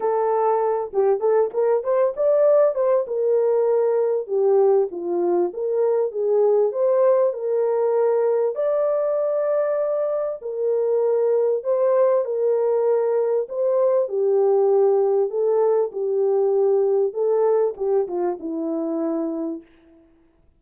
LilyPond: \new Staff \with { instrumentName = "horn" } { \time 4/4 \tempo 4 = 98 a'4. g'8 a'8 ais'8 c''8 d''8~ | d''8 c''8 ais'2 g'4 | f'4 ais'4 gis'4 c''4 | ais'2 d''2~ |
d''4 ais'2 c''4 | ais'2 c''4 g'4~ | g'4 a'4 g'2 | a'4 g'8 f'8 e'2 | }